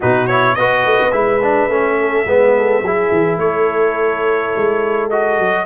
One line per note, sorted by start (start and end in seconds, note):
0.00 0.58 B2
0.00 0.29 D#4
0.00 0.54 F#4
0.00 0.26 B4
0.26 0.57 E4
0.26 0.55 C#5
0.55 0.85 B3
0.55 1.11 F#4
0.55 1.98 B4
0.55 1.11 D#5
0.85 1.00 A3
1.00 1.12 B3
1.11 1.68 G#3
1.11 1.40 E4
1.11 3.37 E5
1.42 1.70 D4
1.68 2.25 A3
1.68 2.26 C#4
1.99 2.27 A4
2.25 2.81 G#3
2.25 2.84 B3
2.25 2.55 B4
2.57 2.83 A4
2.81 3.10 F#3
2.81 5.11 E4
2.81 3.39 G#4
3.11 3.37 E3
3.37 4.50 A3
3.37 5.65 A4
3.37 5.09 C#5
4.56 5.39 G#3
5.10 5.65 F#4
5.10 5.65 D#5
5.39 5.65 F#3